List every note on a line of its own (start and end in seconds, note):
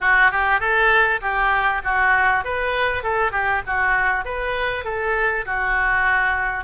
0.01 0.31 F#4
0.31 0.60 G4
0.60 1.20 A4
1.21 1.82 G4
1.84 2.44 F#4
2.44 3.03 B4
3.03 3.31 A4
3.31 3.62 G4
3.66 4.25 F#4
4.25 4.84 B4
4.84 5.45 A4
5.45 6.64 F#4